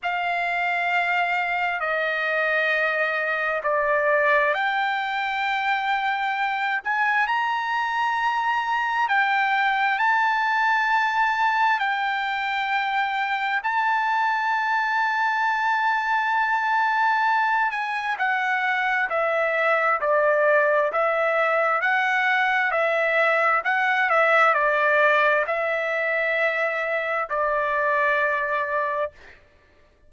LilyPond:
\new Staff \with { instrumentName = "trumpet" } { \time 4/4 \tempo 4 = 66 f''2 dis''2 | d''4 g''2~ g''8 gis''8 | ais''2 g''4 a''4~ | a''4 g''2 a''4~ |
a''2.~ a''8 gis''8 | fis''4 e''4 d''4 e''4 | fis''4 e''4 fis''8 e''8 d''4 | e''2 d''2 | }